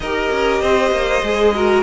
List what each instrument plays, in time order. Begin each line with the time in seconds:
0.00 cello D#4, viola G4, violin A#4 D#5
0.31 cello C#4
0.61 cello C4, violin C5
0.91 cello A#3
1.22 cello G#3, viola G#4
1.55 viola F#4, violin A#4